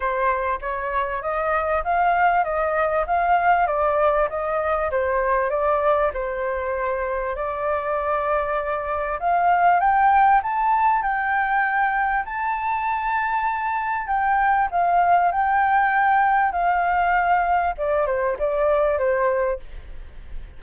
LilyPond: \new Staff \with { instrumentName = "flute" } { \time 4/4 \tempo 4 = 98 c''4 cis''4 dis''4 f''4 | dis''4 f''4 d''4 dis''4 | c''4 d''4 c''2 | d''2. f''4 |
g''4 a''4 g''2 | a''2. g''4 | f''4 g''2 f''4~ | f''4 d''8 c''8 d''4 c''4 | }